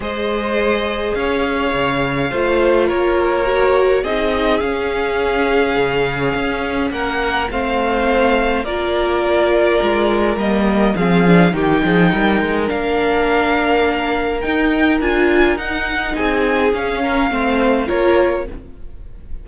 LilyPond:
<<
  \new Staff \with { instrumentName = "violin" } { \time 4/4 \tempo 4 = 104 dis''2 f''2~ | f''4 cis''2 dis''4 | f''1 | fis''4 f''2 d''4~ |
d''2 dis''4 f''4 | g''2 f''2~ | f''4 g''4 gis''4 fis''4 | gis''4 f''2 cis''4 | }
  \new Staff \with { instrumentName = "violin" } { \time 4/4 c''2 cis''2 | c''4 ais'2 gis'4~ | gis'1 | ais'4 c''2 ais'4~ |
ais'2. gis'4 | g'8 gis'8 ais'2.~ | ais'1 | gis'4. ais'8 c''4 ais'4 | }
  \new Staff \with { instrumentName = "viola" } { \time 4/4 gis'1 | f'2 fis'4 dis'4 | cis'1~ | cis'4 c'2 f'4~ |
f'2 ais4 c'8 d'8 | dis'2 d'2~ | d'4 dis'4 f'4 dis'4~ | dis'4 cis'4 c'4 f'4 | }
  \new Staff \with { instrumentName = "cello" } { \time 4/4 gis2 cis'4 cis4 | a4 ais2 c'4 | cis'2 cis4 cis'4 | ais4 a2 ais4~ |
ais4 gis4 g4 f4 | dis8 f8 g8 gis8 ais2~ | ais4 dis'4 d'4 dis'4 | c'4 cis'4 a4 ais4 | }
>>